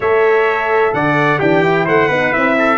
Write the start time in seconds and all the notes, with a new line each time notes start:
0.00 A3 A4 C#5 E5
0.93 D3 D5 F#5
1.38 E3 D4 G4 G5
1.63 E4
1.85 A3 C5 F#5
2.08 B3 D#4 B4
2.31 C4 E4 E5
2.58 A4